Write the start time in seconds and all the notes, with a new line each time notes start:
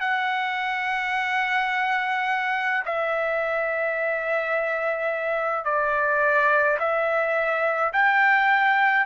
0.00 F#5
2.85 E5
5.64 D5
6.79 E5
7.92 G5